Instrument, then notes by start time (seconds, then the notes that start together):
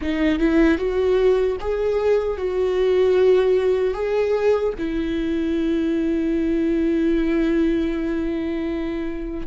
viola
0.01 D#4
0.38 E4
0.78 F#4
1.60 G#4
2.37 F#4
3.94 G#4
4.78 E4